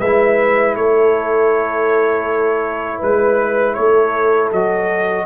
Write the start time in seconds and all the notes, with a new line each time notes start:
0.00 G#3 E4 B4 E5
0.76 A3 A4 C#5
2.98 G#3 B4
3.74 A3 A4 C#5
4.52 F#3 F#4 D#5